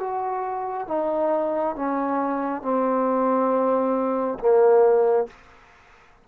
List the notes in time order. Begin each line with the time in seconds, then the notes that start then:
0.00 F#4
0.88 D#4
1.76 C#4
2.62 C4
4.40 A#3